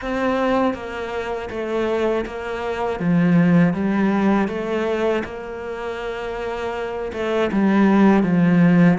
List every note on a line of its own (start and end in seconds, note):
0.01 0.74 C4
0.74 1.49 A#3
1.50 2.25 A3
2.25 2.99 A#3
2.99 3.73 F3
3.73 4.48 G3
4.48 5.23 A3
5.24 7.11 A#3
7.12 7.50 A3
7.51 8.23 G3
8.23 8.98 F3